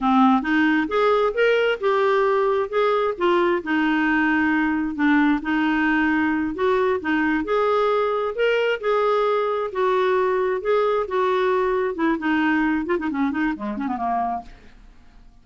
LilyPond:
\new Staff \with { instrumentName = "clarinet" } { \time 4/4 \tempo 4 = 133 c'4 dis'4 gis'4 ais'4 | g'2 gis'4 f'4 | dis'2. d'4 | dis'2~ dis'8 fis'4 dis'8~ |
dis'8 gis'2 ais'4 gis'8~ | gis'4. fis'2 gis'8~ | gis'8 fis'2 e'8 dis'4~ | dis'8 f'16 dis'16 cis'8 dis'8 gis8 cis'16 b16 ais4 | }